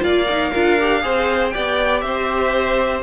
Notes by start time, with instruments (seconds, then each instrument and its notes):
0.00 cello A#3, viola F4, violin D5 F5
0.29 viola D#4
0.50 cello D4, viola F4, violin A#4
0.79 viola G4
1.01 cello C4, viola G#4, violin C5
1.49 viola G4, violin D5 G5
1.55 cello B3
2.01 cello C4, violin C5 E5